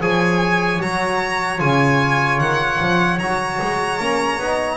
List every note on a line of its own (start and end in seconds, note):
0.00 0.80 F3
0.00 0.80 G#4
0.00 4.77 C#5
0.00 0.82 G#5
0.80 1.61 F#3
0.80 1.59 F#4
0.80 1.60 A#5
1.59 2.40 C#3
1.59 3.19 F4
1.59 2.40 G#5
2.40 2.80 D#3
2.40 3.19 F#5
2.82 3.19 F3
3.19 3.59 F#3
3.19 4.00 F#4
3.19 4.77 A#5
3.62 4.00 G#3
4.00 4.39 A#3
4.00 4.40 C#4
4.39 4.77 B3
4.39 4.77 D#4